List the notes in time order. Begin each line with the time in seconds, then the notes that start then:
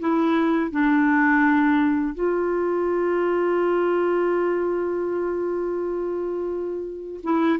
0.00 E4
0.71 D4
2.15 F4
7.24 E4